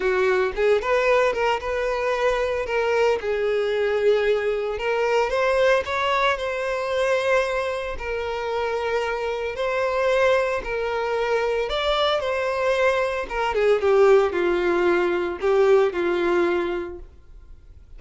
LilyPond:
\new Staff \with { instrumentName = "violin" } { \time 4/4 \tempo 4 = 113 fis'4 gis'8 b'4 ais'8 b'4~ | b'4 ais'4 gis'2~ | gis'4 ais'4 c''4 cis''4 | c''2. ais'4~ |
ais'2 c''2 | ais'2 d''4 c''4~ | c''4 ais'8 gis'8 g'4 f'4~ | f'4 g'4 f'2 | }